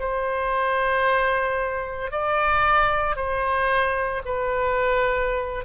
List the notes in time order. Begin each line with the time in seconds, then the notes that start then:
0.00 C5
2.12 D5
3.16 C5
4.25 B4